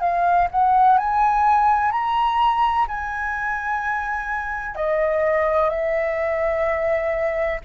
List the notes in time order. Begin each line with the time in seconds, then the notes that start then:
0.00 F5
0.51 F#5
0.97 G#5
1.91 A#5
2.87 G#5
4.75 D#5
5.70 E5